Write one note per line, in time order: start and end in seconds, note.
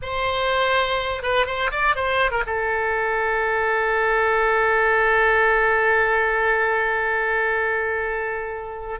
0.02 1.22 C5
1.22 1.46 B4
1.46 1.70 C5
1.71 1.95 D5
1.95 2.31 C5
2.31 2.43 A#4
2.46 9.00 A4